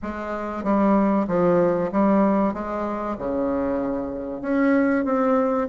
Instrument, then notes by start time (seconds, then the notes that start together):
bassoon
0.02 G#3
0.63 G3
1.27 F3
1.91 G3
2.53 G#3
3.18 C#3
4.41 C#4
5.04 C4